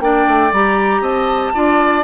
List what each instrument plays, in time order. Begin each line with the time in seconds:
0.00 bassoon A#3, clarinet D4, oboe D5, flute G5
0.28 bassoon A3
0.52 bassoon G3, clarinet G4, flute A#5
1.01 bassoon C4, oboe D#5, flute A5
1.54 bassoon D4, clarinet F4, oboe D5